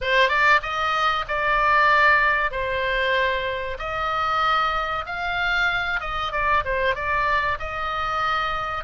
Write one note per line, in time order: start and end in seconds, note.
0.01 0.28 C5
0.28 0.60 D5
0.62 1.25 D#5
1.27 2.51 D5
2.51 3.77 C5
3.78 5.05 D#5
5.06 6.00 F5
6.00 6.32 D#5
6.32 6.63 D5
6.64 6.95 C5
6.95 7.58 D5
7.59 8.84 D#5